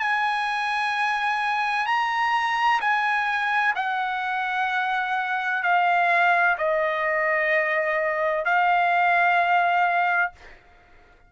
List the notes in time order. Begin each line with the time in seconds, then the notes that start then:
0.00 G#5
1.86 A#5
2.80 G#5
3.75 F#5
5.62 F5
6.58 D#5
8.45 F5